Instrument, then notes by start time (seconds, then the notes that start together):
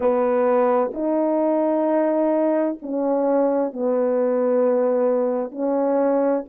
horn
0.00 B3
0.93 D#4
2.82 C#4
3.72 B3
5.51 C#4